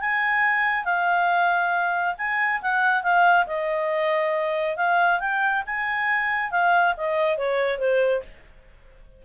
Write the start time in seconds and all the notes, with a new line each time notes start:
0.00 G#5
0.84 F5
2.18 G#5
2.61 F#5
3.03 F5
3.46 D#5
4.76 F5
5.20 G5
5.66 G#5
6.51 F5
6.97 D#5
7.37 C#5
7.78 C5